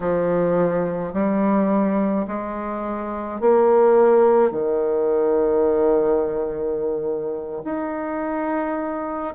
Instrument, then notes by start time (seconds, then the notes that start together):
bassoon
0.00 F3
1.13 G3
2.27 G#3
3.40 A#3
4.51 D#3
7.64 D#4